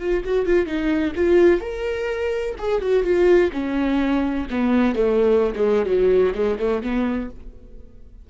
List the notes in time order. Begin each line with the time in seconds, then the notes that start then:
0.00 F4
0.25 F#4
0.46 F4
0.67 D#4
1.16 F4
1.61 A#4
2.59 G#4
2.82 F#4
3.04 F4
3.53 C#4
4.51 B3
4.96 A3
5.56 G#3
5.86 F#3
6.35 G#3
6.59 A3
6.83 B3